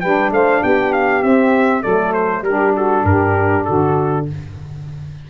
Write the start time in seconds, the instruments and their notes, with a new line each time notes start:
0.00 tuba G3, saxophone D4 B4, trumpet G5
0.31 tuba A3, saxophone C5, trumpet F5
0.61 tuba B3, saxophone G4, trumpet G5
0.93 trumpet F5
1.21 saxophone C4, tuba C4, trumpet E5
1.81 tuba F#3, saxophone A3 A4, trumpet D5
2.13 trumpet C5
2.41 tuba G3, saxophone D4 G4, trumpet A#4
2.74 saxophone F#4, trumpet A4
3.04 tuba G2, saxophone G4, trumpet A#4
3.65 tuba D3, saxophone F#4, trumpet A4